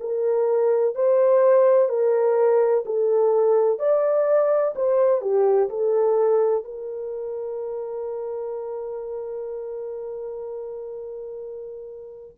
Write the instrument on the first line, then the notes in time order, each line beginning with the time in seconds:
horn
0.00 A#4
0.95 C5
1.89 A#4
2.85 A4
3.79 D5
4.75 C5
5.21 G4
5.69 A4
6.64 A#4